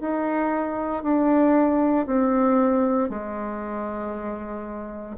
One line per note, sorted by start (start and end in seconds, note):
0.00 1.03 D#4
1.03 2.06 D4
2.06 3.09 C4
3.09 5.16 G#3